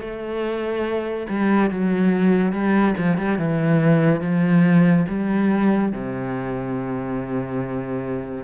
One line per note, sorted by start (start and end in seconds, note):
0.00 1.27 A3
1.29 1.70 G3
1.70 2.52 F#3
2.52 2.94 G3
2.97 3.17 F3
3.17 3.38 G3
3.38 4.21 E3
4.21 5.05 F3
5.08 5.92 G3
5.92 8.44 C3